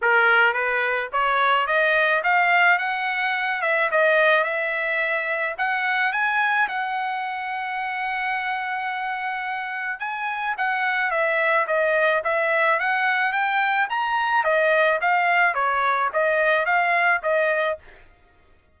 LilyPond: \new Staff \with { instrumentName = "trumpet" } { \time 4/4 \tempo 4 = 108 ais'4 b'4 cis''4 dis''4 | f''4 fis''4. e''8 dis''4 | e''2 fis''4 gis''4 | fis''1~ |
fis''2 gis''4 fis''4 | e''4 dis''4 e''4 fis''4 | g''4 ais''4 dis''4 f''4 | cis''4 dis''4 f''4 dis''4 | }